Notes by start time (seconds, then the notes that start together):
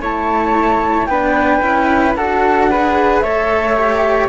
0.00 A3 E4 C#5 A5
1.06 B3 D4 B4 G5
1.62 C#4 E4
2.15 D4 F#4 A4 F#5
2.70 G#4 B4
3.20 A3 A4 C#5 E5
3.75 G4